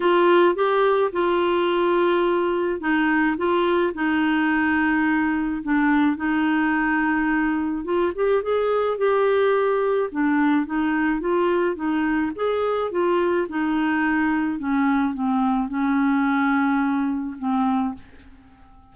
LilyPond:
\new Staff \with { instrumentName = "clarinet" } { \time 4/4 \tempo 4 = 107 f'4 g'4 f'2~ | f'4 dis'4 f'4 dis'4~ | dis'2 d'4 dis'4~ | dis'2 f'8 g'8 gis'4 |
g'2 d'4 dis'4 | f'4 dis'4 gis'4 f'4 | dis'2 cis'4 c'4 | cis'2. c'4 | }